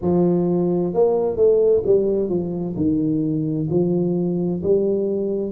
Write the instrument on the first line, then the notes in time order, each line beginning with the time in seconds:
tuba
0.01 F3
0.93 A#3
1.36 A3
1.85 G3
2.29 F3
2.76 D#3
3.69 F3
4.62 G3